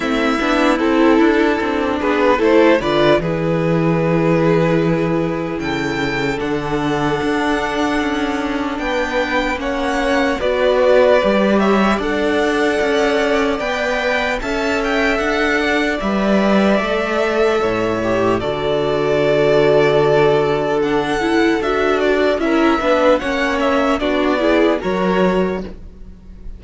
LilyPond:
<<
  \new Staff \with { instrumentName = "violin" } { \time 4/4 \tempo 4 = 75 e''4 a'4. b'8 c''8 d''8 | b'2. g''4 | fis''2. g''4 | fis''4 d''4. e''8 fis''4~ |
fis''4 g''4 a''8 g''8 fis''4 | e''2. d''4~ | d''2 fis''4 e''8 d''8 | e''4 fis''8 e''8 d''4 cis''4 | }
  \new Staff \with { instrumentName = "violin" } { \time 4/4 e'2~ e'8 gis'8 a'8 b'8 | gis'2. a'4~ | a'2. b'4 | cis''4 b'4. cis''8 d''4~ |
d''2 e''4. d''8~ | d''2 cis''4 a'4~ | a'1 | ais'8 b'8 cis''4 fis'8 gis'8 ais'4 | }
  \new Staff \with { instrumentName = "viola" } { \time 4/4 c'8 d'8 e'4 d'4 e'8 f'8 | e'1 | d'1 | cis'4 fis'4 g'4 a'4~ |
a'4 b'4 a'2 | b'4 a'4. g'8 fis'4~ | fis'2 d'8 e'8 fis'4 | e'8 d'8 cis'4 d'8 e'8 fis'4 | }
  \new Staff \with { instrumentName = "cello" } { \time 4/4 a8 b8 c'8 d'8 c'8 b8 a8 d8 | e2. cis4 | d4 d'4 cis'4 b4 | ais4 b4 g4 d'4 |
cis'4 b4 cis'4 d'4 | g4 a4 a,4 d4~ | d2. d'4 | cis'8 b8 ais4 b4 fis4 | }
>>